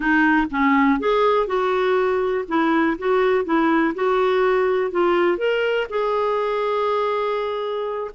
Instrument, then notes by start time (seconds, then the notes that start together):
clarinet
0.00 D#4
0.51 C#4
0.99 G#4
1.46 F#4
2.47 E4
2.98 F#4
3.44 E4
3.95 F#4
4.91 F4
5.37 A#4
5.89 G#4